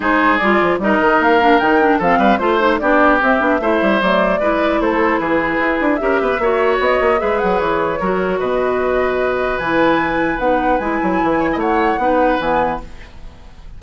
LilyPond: <<
  \new Staff \with { instrumentName = "flute" } { \time 4/4 \tempo 4 = 150 c''4 d''4 dis''4 f''4 | g''4 f''4 c''4 d''4 | e''2 d''2 | c''4 b'2 e''4~ |
e''4 dis''4 e''8 fis''8 cis''4~ | cis''4 dis''2. | gis''2 fis''4 gis''4~ | gis''4 fis''2 gis''4 | }
  \new Staff \with { instrumentName = "oboe" } { \time 4/4 gis'2 ais'2~ | ais'4 a'8 b'8 c''4 g'4~ | g'4 c''2 b'4 | a'4 gis'2 ais'8 b'8 |
cis''2 b'2 | ais'4 b'2.~ | b'1~ | b'8 cis''16 dis''16 cis''4 b'2 | }
  \new Staff \with { instrumentName = "clarinet" } { \time 4/4 dis'4 f'4 dis'4. d'8 | dis'8 d'8 c'4 f'8 dis'8 d'4 | c'8 d'8 e'4 a4 e'4~ | e'2. g'4 |
fis'2 gis'2 | fis'1 | e'2 dis'4 e'4~ | e'2 dis'4 b4 | }
  \new Staff \with { instrumentName = "bassoon" } { \time 4/4 gis4 g8 f8 g8 dis8 ais4 | dis4 f8 g8 a4 b4 | c'8 b8 a8 g8 fis4 gis4 | a4 e4 e'8 d'8 cis'8 b8 |
ais4 b8 ais8 gis8 fis8 e4 | fis4 b,2. | e2 b4 gis8 fis8 | e4 a4 b4 e4 | }
>>